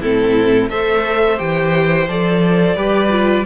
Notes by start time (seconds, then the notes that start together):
0.00 A2 C4 E4 A4
0.70 A3 A4 C5 E5
1.37 E3 G4 G5
2.08 F3 A4 D5
2.75 G3 G4 B4
3.10 F4